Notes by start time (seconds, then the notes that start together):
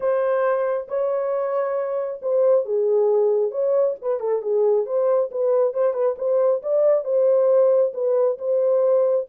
0.00 C5
0.87 C#5
2.22 C5
2.65 G#4
3.51 C#5
4.01 B4
4.20 A4
4.42 G#4
4.85 C5
5.31 B4
5.73 C5
5.93 B4
6.18 C5
6.62 D5
7.04 C5
7.93 B4
8.38 C5